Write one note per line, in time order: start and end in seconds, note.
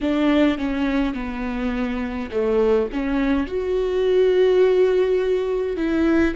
0.01 0.58 D4
0.58 1.14 C#4
1.14 2.30 B3
2.31 2.88 A3
2.92 3.47 C#4
3.47 5.76 F#4
5.76 6.34 E4